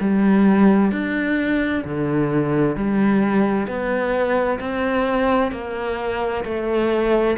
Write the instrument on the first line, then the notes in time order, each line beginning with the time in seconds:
cello
0.00 G3
0.91 D4
1.84 D3
2.76 G3
3.67 B3
4.59 C4
5.51 A#3
6.44 A3